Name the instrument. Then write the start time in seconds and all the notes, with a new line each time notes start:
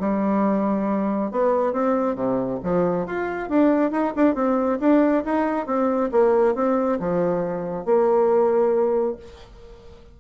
bassoon
0.00 G3
1.31 B3
1.73 C4
2.15 C3
2.63 F3
3.06 F4
3.49 D4
3.91 D#4
4.16 D4
4.35 C4
4.80 D4
5.25 D#4
5.66 C4
6.12 A#3
6.55 C4
7.00 F3
7.85 A#3